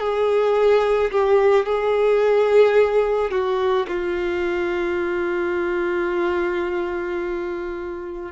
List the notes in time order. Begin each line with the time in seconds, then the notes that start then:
0.00 G#4
1.12 G4
1.66 G#4
3.31 F#4
3.88 F4